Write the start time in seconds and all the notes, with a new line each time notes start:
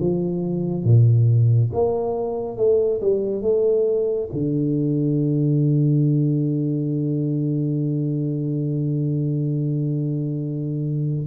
0.00 F3
0.84 A#2
1.73 A#3
2.57 A3
3.01 G3
3.42 A3
4.33 D3